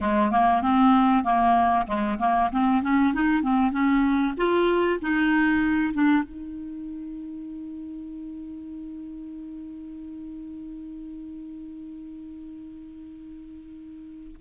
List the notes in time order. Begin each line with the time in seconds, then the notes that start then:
0.01 G#3
0.31 A#3
0.61 C4
1.24 A#3
1.87 G#3
2.19 A#3
2.52 C4
2.82 C#4
3.14 D#4
3.42 C4
3.71 C#4
4.37 F4
5.01 D#4
5.93 D4
6.23 D#4